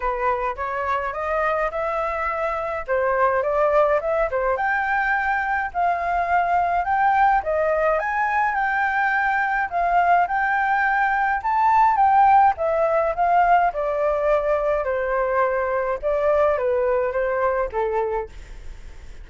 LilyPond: \new Staff \with { instrumentName = "flute" } { \time 4/4 \tempo 4 = 105 b'4 cis''4 dis''4 e''4~ | e''4 c''4 d''4 e''8 c''8 | g''2 f''2 | g''4 dis''4 gis''4 g''4~ |
g''4 f''4 g''2 | a''4 g''4 e''4 f''4 | d''2 c''2 | d''4 b'4 c''4 a'4 | }